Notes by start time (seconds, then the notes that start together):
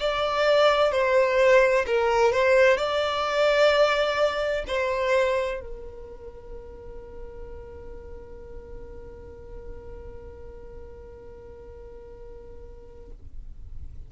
0.00 D5
0.92 C5
1.87 A#4
2.33 C5
2.77 D5
4.67 C5
5.61 A#4